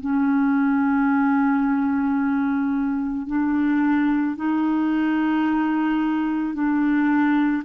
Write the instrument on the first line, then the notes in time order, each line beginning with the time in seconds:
clarinet
0.00 C#4
3.27 D4
4.36 D#4
6.54 D4